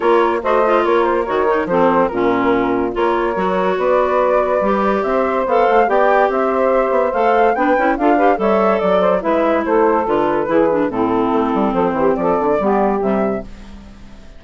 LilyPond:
<<
  \new Staff \with { instrumentName = "flute" } { \time 4/4 \tempo 4 = 143 cis''4 dis''4 cis''8 c''8 cis''4 | c''4 ais'2 cis''4~ | cis''4 d''2. | e''4 f''4 g''4 e''4~ |
e''4 f''4 g''4 f''4 | e''4 d''4 e''4 c''4 | b'2 a'2 | c''4 d''2 e''4 | }
  \new Staff \with { instrumentName = "saxophone" } { \time 4/4 ais'4 c''4 ais'2 | a'4 f'2 ais'4~ | ais'4 b'2. | c''2 d''4 c''4~ |
c''2 b'4 a'8 b'8 | cis''4 d''8 c''8 b'4 a'4~ | a'4 gis'4 e'2 | a'8 g'8 a'4 g'2 | }
  \new Staff \with { instrumentName = "clarinet" } { \time 4/4 f'4 fis'8 f'4. fis'8 dis'8 | c'4 cis'2 f'4 | fis'2. g'4~ | g'4 a'4 g'2~ |
g'4 a'4 d'8 e'8 f'8 g'8 | a'2 e'2 | f'4 e'8 d'8 c'2~ | c'2 b4 g4 | }
  \new Staff \with { instrumentName = "bassoon" } { \time 4/4 ais4 a4 ais4 dis4 | f4 ais,2 ais4 | fis4 b2 g4 | c'4 b8 a8 b4 c'4~ |
c'8 b8 a4 b8 cis'8 d'4 | g4 fis4 gis4 a4 | d4 e4 a,4 a8 g8 | f8 e8 f8 d8 g4 c4 | }
>>